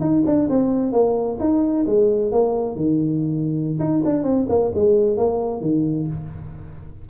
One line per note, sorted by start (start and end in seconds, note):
0.00 0.23 D#4
0.26 0.49 D4
0.49 0.92 C4
0.92 1.38 A#3
1.40 1.86 D#4
1.86 2.32 G#3
2.32 2.76 A#3
2.76 3.79 D#3
3.79 4.02 D#4
4.05 4.23 D4
4.23 4.46 C4
4.49 4.72 A#3
4.75 5.17 G#3
5.17 5.61 A#3
5.61 6.07 D#3